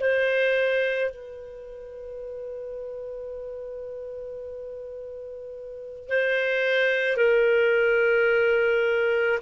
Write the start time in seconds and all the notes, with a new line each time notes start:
0.00 C5
1.11 B4
6.09 C5
7.17 A#4